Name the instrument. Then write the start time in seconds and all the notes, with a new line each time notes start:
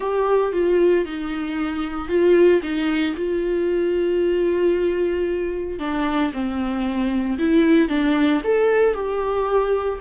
viola
0.00 G4
0.52 F4
1.05 D#4
2.08 F4
2.62 D#4
3.16 F4
5.79 D4
6.32 C4
7.38 E4
7.88 D4
8.44 A4
8.94 G4